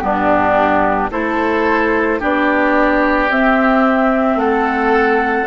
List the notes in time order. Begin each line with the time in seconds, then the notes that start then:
0.00 G2 B3 D4 G4
1.11 A3 E4 A4 C5
2.19 B3 D4 G4 D5
3.30 C4 E5
4.35 A3 A4 F#5